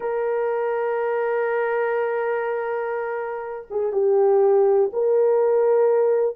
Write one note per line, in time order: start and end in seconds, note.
0.00 3.67 A#4
3.70 3.92 G#4
3.92 4.90 G4
4.92 6.36 A#4